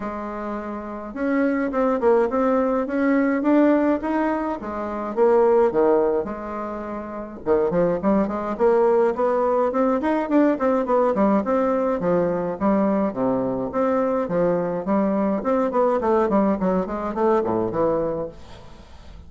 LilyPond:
\new Staff \with { instrumentName = "bassoon" } { \time 4/4 \tempo 4 = 105 gis2 cis'4 c'8 ais8 | c'4 cis'4 d'4 dis'4 | gis4 ais4 dis4 gis4~ | gis4 dis8 f8 g8 gis8 ais4 |
b4 c'8 dis'8 d'8 c'8 b8 g8 | c'4 f4 g4 c4 | c'4 f4 g4 c'8 b8 | a8 g8 fis8 gis8 a8 a,8 e4 | }